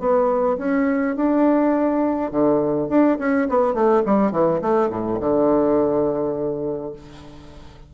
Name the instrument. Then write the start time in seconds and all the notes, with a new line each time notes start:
bassoon
0.00 B3
0.58 C#4
1.16 D4
2.31 D3
2.89 D4
3.19 C#4
3.49 B3
3.74 A3
4.06 G3
4.32 E3
4.62 A3
4.90 A2
5.20 D3